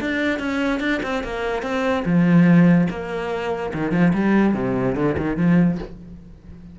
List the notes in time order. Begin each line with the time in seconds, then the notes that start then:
0.00 D4
0.39 C#4
0.80 D4
1.03 C4
1.23 A#3
1.62 C4
2.05 F3
2.90 A#3
3.73 D#3
3.91 F3
4.13 G3
4.54 C3
4.95 D3
5.17 D#3
5.37 F3